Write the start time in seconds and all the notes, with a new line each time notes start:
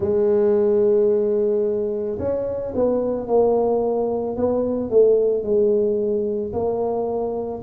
0.00 G#3
2.18 C#4
2.74 B3
3.27 A#3
4.36 B3
4.89 A3
5.42 G#3
6.53 A#3